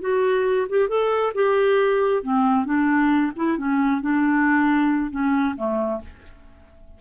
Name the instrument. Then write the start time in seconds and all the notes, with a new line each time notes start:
clarinet
0.00 F#4
0.69 G4
0.88 A4
1.34 G4
2.22 C4
2.65 D4
3.36 E4
3.57 C#4
4.01 D4
5.10 C#4
5.56 A3